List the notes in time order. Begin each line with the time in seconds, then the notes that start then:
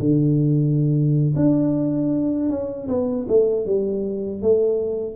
0.00 D3
1.36 D4
2.50 C#4
2.88 B3
3.29 A3
3.66 G3
4.42 A3